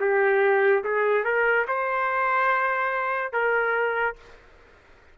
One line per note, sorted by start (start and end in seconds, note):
0.00 0.83 G4
0.84 1.24 G#4
1.24 1.66 A#4
1.67 3.33 C5
3.33 4.16 A#4